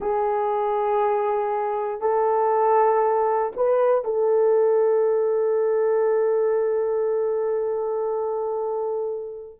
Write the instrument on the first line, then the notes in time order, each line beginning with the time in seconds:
horn
0.00 G#4
2.00 A4
3.56 B4
4.04 A4